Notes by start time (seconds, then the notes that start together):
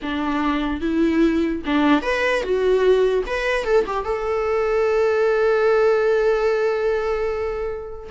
0.01 D4
0.81 E4
1.65 D4
2.02 B4
2.42 F#4
3.26 B4
3.64 A4
3.86 G4
4.04 A4